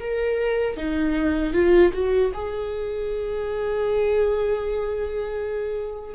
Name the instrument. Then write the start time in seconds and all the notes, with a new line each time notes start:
viola
0.00 A#4
0.77 D#4
1.54 F4
1.94 F#4
2.34 G#4